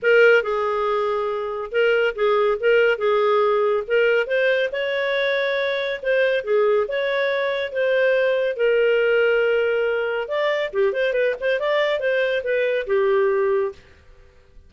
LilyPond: \new Staff \with { instrumentName = "clarinet" } { \time 4/4 \tempo 4 = 140 ais'4 gis'2. | ais'4 gis'4 ais'4 gis'4~ | gis'4 ais'4 c''4 cis''4~ | cis''2 c''4 gis'4 |
cis''2 c''2 | ais'1 | d''4 g'8 c''8 b'8 c''8 d''4 | c''4 b'4 g'2 | }